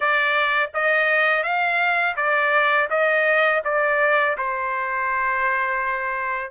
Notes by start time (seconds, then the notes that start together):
0.00 D5
0.74 D#5
1.43 F5
2.16 D5
2.89 D#5
3.64 D5
4.37 C5